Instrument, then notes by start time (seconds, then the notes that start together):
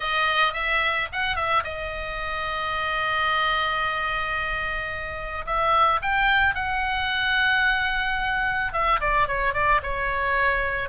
oboe
0.00 D#5
0.53 E5
1.12 F#5
1.35 E5
1.64 D#5
5.45 E5
6.02 G5
6.55 F#5
8.72 E5
9.00 D5
9.27 C#5
9.53 D5
9.82 C#5